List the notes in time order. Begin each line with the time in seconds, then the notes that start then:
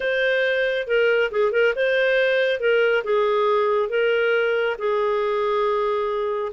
0.00 C5
0.87 A#4
1.31 G#4
1.52 A#4
1.75 C5
2.60 A#4
3.04 G#4
3.89 A#4
4.78 G#4